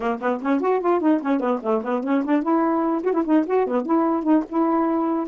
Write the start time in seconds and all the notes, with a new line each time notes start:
0.00 A#3
0.20 B3
0.42 C#4
0.60 F#4
0.80 F4
1.00 D#4
1.22 C#4
1.39 B3
1.62 A3
1.84 B3
2.03 C#4
2.24 D4
2.42 E4
3.03 F#4
3.13 E4
3.25 D#4
3.46 F#4
3.66 B3
3.85 E4
4.23 D#4
4.49 E4